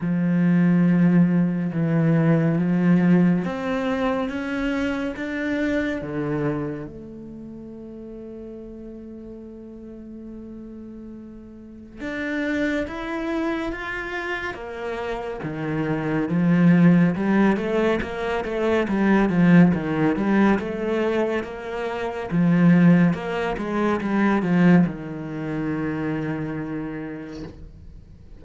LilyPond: \new Staff \with { instrumentName = "cello" } { \time 4/4 \tempo 4 = 70 f2 e4 f4 | c'4 cis'4 d'4 d4 | a1~ | a2 d'4 e'4 |
f'4 ais4 dis4 f4 | g8 a8 ais8 a8 g8 f8 dis8 g8 | a4 ais4 f4 ais8 gis8 | g8 f8 dis2. | }